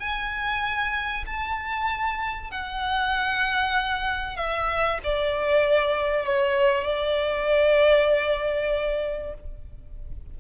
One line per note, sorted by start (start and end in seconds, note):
0.00 1.25 G#5
1.27 2.51 A5
2.51 4.37 F#5
4.37 4.99 E5
5.04 6.26 D5
6.26 6.85 C#5
6.85 9.35 D5